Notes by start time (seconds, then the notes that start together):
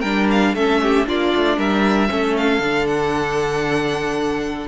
0.00 G3 D4 A#4 G5
0.31 F5
0.55 A3 C#4 A4 E5
0.82 G4
1.06 A#3 D4 F4 D5
1.36 A3
1.57 G3 A#4 E5
2.09 A3 C#4 A4
2.37 F5
2.59 D3 D4
2.87 F#5